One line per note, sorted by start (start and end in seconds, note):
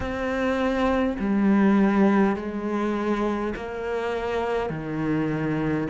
0.00 1.16 C4
1.19 2.36 G3
2.36 3.53 G#3
3.56 4.70 A#3
4.70 5.87 D#3